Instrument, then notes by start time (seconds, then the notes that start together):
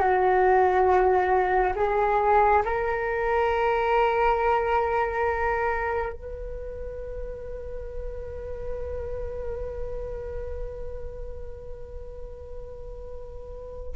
flute
0.00 F#4
1.76 G#4
2.66 A#4
6.13 B4